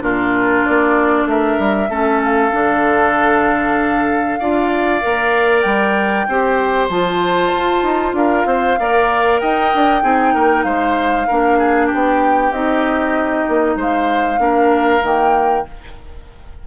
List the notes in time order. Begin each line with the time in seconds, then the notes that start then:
0.00 A#2 D4 F4 A#4
0.65 A#3 D5
1.25 A3 A#4 E5
1.58 G3
1.89 A3 C#4 A4
2.23 F5
2.52 D3 D4
4.39 D4 F4 D5
5.01 A#3 A#4
5.61 G3 G5
6.27 C4 G4 C5
6.89 F3 F4 A5
7.54 F4
7.82 D#4
8.13 D4 A#4 F5
8.45 C4 C5
8.79 A#3 A#4 D5
9.39 D#4 D#5 G5
9.74 D4
10.02 C4 D#4 G#4
10.33 A#3 A#4
10.63 G#3 C5 F5
11.27 A#3 D4 A#4
11.58 G#4
11.86 G4
11.93 B3 G5
12.51 C4 D#4 D#5
13.48 A#3
13.76 G#3 C5 F5
14.38 A#3 D4 A#4
15.02 D#3 A#3 G5